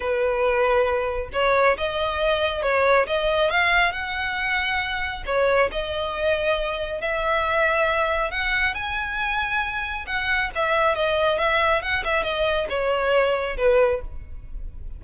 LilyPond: \new Staff \with { instrumentName = "violin" } { \time 4/4 \tempo 4 = 137 b'2. cis''4 | dis''2 cis''4 dis''4 | f''4 fis''2. | cis''4 dis''2. |
e''2. fis''4 | gis''2. fis''4 | e''4 dis''4 e''4 fis''8 e''8 | dis''4 cis''2 b'4 | }